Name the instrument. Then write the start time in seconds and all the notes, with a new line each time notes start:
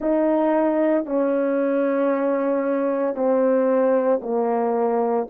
horn
0.00 D#4
1.05 C#4
3.15 C4
4.22 A#3